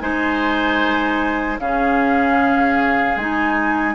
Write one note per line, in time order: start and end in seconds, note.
0.00 1.59 G#3
0.00 1.58 D#4
0.00 1.60 C5
0.00 1.58 G#5
1.59 3.16 C#3
1.59 3.18 C#4
1.59 3.95 G#4
1.59 3.18 F5
3.16 3.95 G#3
3.16 3.95 D#4
3.16 3.95 G#5